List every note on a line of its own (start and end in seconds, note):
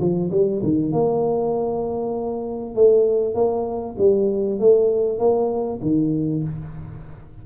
0.00 0.31 F3
0.31 0.62 G3
0.63 0.92 D#3
0.92 2.75 A#3
2.75 3.35 A3
3.35 3.96 A#3
3.98 4.59 G3
4.59 5.19 A3
5.19 5.80 A#3
5.82 6.43 D#3